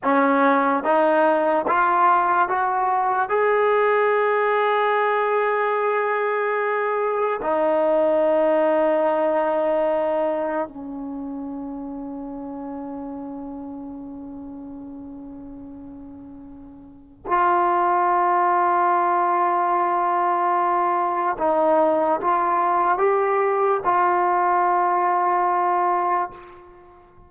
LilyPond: \new Staff \with { instrumentName = "trombone" } { \time 4/4 \tempo 4 = 73 cis'4 dis'4 f'4 fis'4 | gis'1~ | gis'4 dis'2.~ | dis'4 cis'2.~ |
cis'1~ | cis'4 f'2.~ | f'2 dis'4 f'4 | g'4 f'2. | }